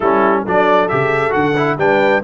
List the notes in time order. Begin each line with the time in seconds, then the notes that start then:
0.00 G3 C#4 E4 A4
0.44 F#3 D4 A4 D5
0.88 C#3 G4 E5
1.29 D3 F#4 F#5
1.57 E4
1.77 G3 D4 B4 G5